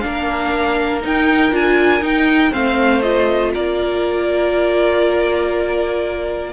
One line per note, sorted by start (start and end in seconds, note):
0.00 1.04 A#3
0.00 1.01 D4
0.00 1.00 F5
0.06 2.52 A#4
1.01 1.51 D#4
1.01 1.52 D#4
1.01 1.55 G5
1.51 2.01 D4
1.51 2.01 F4
1.51 2.05 G#5
2.01 2.51 D#4
2.01 2.53 G5
2.51 3.55 A3
2.51 3.01 C4
2.51 3.52 C5
2.51 3.02 F5
3.02 6.52 F4
3.02 3.52 D#5
3.53 6.53 A#3
3.53 6.53 A#4
3.53 6.53 D5